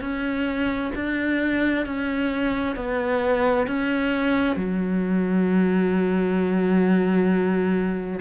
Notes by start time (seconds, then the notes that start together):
0.00 C#4
0.95 D4
1.86 C#4
2.76 B3
3.67 C#4
4.56 F#3